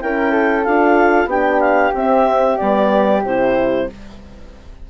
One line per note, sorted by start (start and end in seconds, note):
0.00 0.67 C#4
0.00 0.65 E4
0.00 0.31 A#4
0.00 0.64 G5
0.31 1.28 A4
0.64 1.26 D4
0.64 1.30 F4
0.64 1.29 F5
1.26 1.90 B3
1.26 1.94 D4
1.26 3.87 G4
1.26 1.60 G5
1.60 1.92 F5
1.94 2.58 C4
1.94 2.59 C4
1.94 2.58 E5
2.58 3.24 G3
2.58 3.24 B3
2.58 3.22 D5
3.24 3.89 C3
3.24 3.90 E4
3.24 3.90 C5